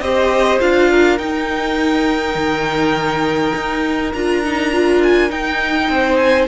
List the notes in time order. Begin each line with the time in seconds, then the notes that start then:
0.00 C4 G4 C5 D#5
0.60 D4 F4 F5
0.91 A#4
1.18 D#4 G5
2.35 D#3
3.54 D#4
4.13 D4 F4 A#5
4.44 D#4
4.72 F4
5.03 G#5
5.29 D#4 G5
5.89 C4 C5
6.17 G#5